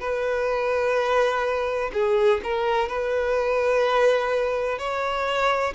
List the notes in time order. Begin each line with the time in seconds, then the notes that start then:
0.00 B4
1.93 G#4
2.43 A#4
2.88 B4
4.78 C#5